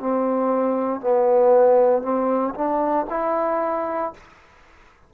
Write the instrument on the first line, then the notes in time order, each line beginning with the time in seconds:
trombone
0.00 C4
1.01 B3
2.02 C4
2.55 D4
3.10 E4